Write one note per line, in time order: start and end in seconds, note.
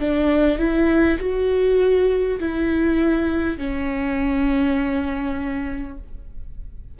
0.00 0.58 D4
0.58 1.18 E4
1.19 2.39 F#4
2.39 3.58 E4
3.58 5.98 C#4